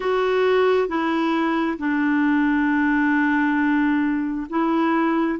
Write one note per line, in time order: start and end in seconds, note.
0.00 0.88 F#4
0.88 1.77 E4
1.78 4.47 D4
4.49 5.39 E4